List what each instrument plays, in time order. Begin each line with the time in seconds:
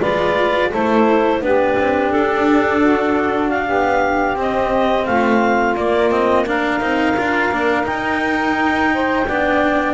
0.00 double bass G#3, cello F4, saxophone B4, clarinet D5
0.70 double bass A3, cello E4, saxophone A4, clarinet C5
1.41 double bass B3, cello D4, saxophone G4, clarinet B4
1.78 double bass C4
2.11 double bass D4, clarinet A4
2.79 saxophone F#4
3.49 clarinet F5
3.66 double bass B3, saxophone G4
4.35 cello C4, double bass C4, clarinet D#5
5.06 double bass A3, saxophone F4, clarinet F5
5.76 double bass A#3, cello A#3, clarinet D5
6.10 cello C4, clarinet D#5
6.46 cello D4, saxophone A#4, clarinet F5
6.80 double bass C4, cello D#4
7.16 double bass D4, cello F4
7.51 double bass A#3, cello D4
7.83 cello D#4, double bass D#4, clarinet G5
8.93 saxophone C5
9.27 double bass B3, cello D4, saxophone D5